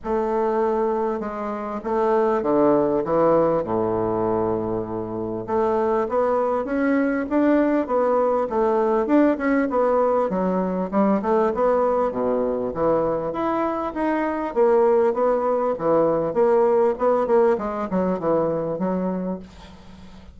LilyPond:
\new Staff \with { instrumentName = "bassoon" } { \time 4/4 \tempo 4 = 99 a2 gis4 a4 | d4 e4 a,2~ | a,4 a4 b4 cis'4 | d'4 b4 a4 d'8 cis'8 |
b4 fis4 g8 a8 b4 | b,4 e4 e'4 dis'4 | ais4 b4 e4 ais4 | b8 ais8 gis8 fis8 e4 fis4 | }